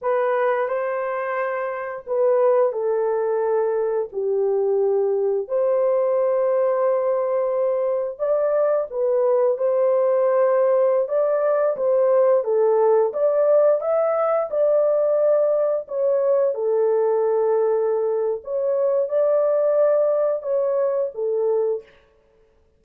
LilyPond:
\new Staff \with { instrumentName = "horn" } { \time 4/4 \tempo 4 = 88 b'4 c''2 b'4 | a'2 g'2 | c''1 | d''4 b'4 c''2~ |
c''16 d''4 c''4 a'4 d''8.~ | d''16 e''4 d''2 cis''8.~ | cis''16 a'2~ a'8. cis''4 | d''2 cis''4 a'4 | }